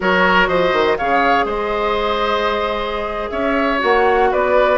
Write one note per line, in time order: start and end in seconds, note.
0.00 0.48 F#3
0.00 0.98 F#4
0.00 0.48 A#4
0.00 0.47 C#5
0.47 0.73 F3
0.47 0.97 C5
0.47 0.96 D#5
0.73 0.97 D#3
0.97 1.45 C#3
0.97 3.78 G#4
0.97 1.45 C#5
0.97 1.46 F5
1.45 3.29 G#3
1.45 3.30 C5
1.45 3.30 D#5
3.30 3.80 C#4
3.30 4.30 C#5
3.30 3.79 E5
3.78 4.32 A#3
3.78 4.77 F#4
3.78 4.33 F#5
4.31 4.78 B3
4.31 4.78 B4
4.31 4.78 D5